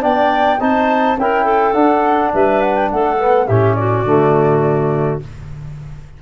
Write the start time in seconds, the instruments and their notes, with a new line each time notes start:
0.00 tuba B3, trombone D4, clarinet D5, flute G5
0.59 tuba C4, trombone D#4, clarinet C5, flute A5
1.17 tuba C#4, trombone E4, clarinet A#4, flute G5
1.44 clarinet A4
1.73 trombone D4, tuba D4, flute F#5
2.33 tuba G3, clarinet B4, flute E5
2.61 flute F#5
2.75 flute G5
2.91 tuba A3, clarinet A4, flute F#5
3.18 trombone B3
3.46 tuba A2, trombone C#4, clarinet G4, flute E5
3.75 clarinet F#4, flute D5
4.04 tuba D3, trombone A3